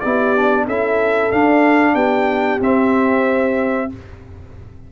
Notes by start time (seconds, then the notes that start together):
0.00 B3 E4 G4 D5
0.36 D4
0.65 C#4 E4 A4 E5
1.31 D4 F5
1.94 B3 G4 G5
2.60 C4 E5